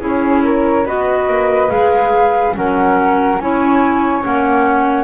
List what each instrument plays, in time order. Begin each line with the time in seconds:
0.00 double bass C#4, clarinet E4, flute G#4 C#5
0.44 flute A#4
0.86 double bass B3, clarinet F#4, flute B4 D#5
1.28 double bass A#3
1.69 double bass G#3, clarinet G#4, flute F5
2.55 double bass F#3, clarinet C#4, flute A#4 F#5
3.39 double bass C#4, clarinet E4, flute C#5 G#5
4.23 double bass A#3, clarinet C#4, flute F#5